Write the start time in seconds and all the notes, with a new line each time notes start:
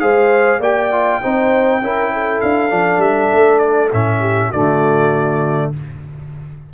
0.00 G#3 G#4 C5 F5
0.58 A#3 G4 D5 G5
0.92 F4
1.21 C4 D#4 C5
1.81 C#4 E4 A#4
2.13 A4
2.41 D4 F5
2.69 F3 D4
2.98 G3 E5
3.33 A3
3.59 D5
3.93 A2 C#4 E5
4.19 G4
4.48 D3 A3 F#4 D5